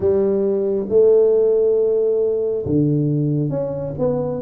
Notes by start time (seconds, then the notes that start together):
0.00 G3
0.88 A3
2.65 D3
3.49 C#4
3.98 B3